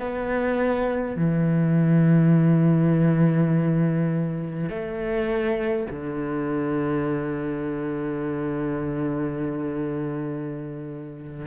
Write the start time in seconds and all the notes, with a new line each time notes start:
0.00 B3
1.17 E3
4.70 A3
5.90 D3